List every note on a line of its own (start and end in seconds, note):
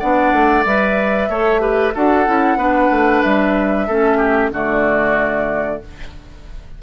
0.00 0.33 B3
0.00 0.66 D4
0.00 1.29 D5
0.00 0.65 F#5
0.33 0.65 A3
0.66 1.29 G3
0.66 1.31 B4
0.66 1.95 E5
1.29 1.94 A3
1.29 1.60 A4
1.29 1.62 C#5
1.60 1.93 G4
1.60 1.94 B4
1.95 2.28 D4
1.95 2.26 F#4
1.95 2.59 A4
1.95 3.23 F#5
2.26 2.57 C#4
2.26 2.58 E4
2.57 2.89 B3
2.57 3.88 D4
2.57 3.88 B4
2.92 3.24 A3
3.23 3.89 G3
3.23 4.52 E5
3.88 4.51 A3
3.88 4.53 C#4
3.88 4.18 A4
4.18 4.50 G4
4.51 5.80 D3
4.51 5.83 A3
4.51 5.83 F#4
4.51 5.82 D5